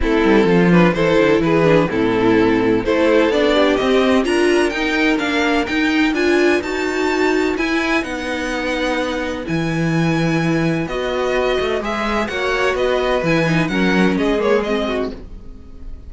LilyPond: <<
  \new Staff \with { instrumentName = "violin" } { \time 4/4 \tempo 4 = 127 a'4. b'8 c''4 b'4 | a'2 c''4 d''4 | dis''4 ais''4 g''4 f''4 | g''4 gis''4 a''2 |
gis''4 fis''2. | gis''2. dis''4~ | dis''4 e''4 fis''4 dis''4 | gis''4 fis''4 dis''8 cis''8 dis''4 | }
  \new Staff \with { instrumentName = "violin" } { \time 4/4 e'4 f'4 a'4 gis'4 | e'2 a'4. g'8~ | g'4 ais'2.~ | ais'4 b'2.~ |
b'1~ | b'1~ | b'2 cis''4 b'4~ | b'4 ais'4 gis'4. fis'8 | }
  \new Staff \with { instrumentName = "viola" } { \time 4/4 c'4. d'8 e'4. d'8 | c'2 e'4 d'4 | c'4 f'4 dis'4 d'4 | dis'4 f'4 fis'2 |
e'4 dis'2. | e'2. fis'4~ | fis'4 gis'4 fis'2 | e'8 dis'8 cis'4. ais8 c'4 | }
  \new Staff \with { instrumentName = "cello" } { \time 4/4 a8 g8 f4 e8 d8 e4 | a,2 a4 b4 | c'4 d'4 dis'4 ais4 | dis'4 d'4 dis'2 |
e'4 b2. | e2. b4~ | b8 a8 gis4 ais4 b4 | e4 fis4 gis2 | }
>>